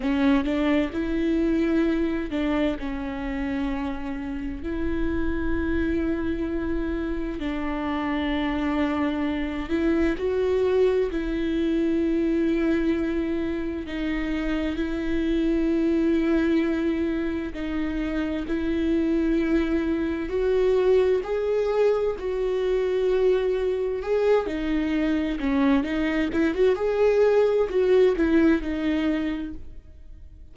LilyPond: \new Staff \with { instrumentName = "viola" } { \time 4/4 \tempo 4 = 65 cis'8 d'8 e'4. d'8 cis'4~ | cis'4 e'2. | d'2~ d'8 e'8 fis'4 | e'2. dis'4 |
e'2. dis'4 | e'2 fis'4 gis'4 | fis'2 gis'8 dis'4 cis'8 | dis'8 e'16 fis'16 gis'4 fis'8 e'8 dis'4 | }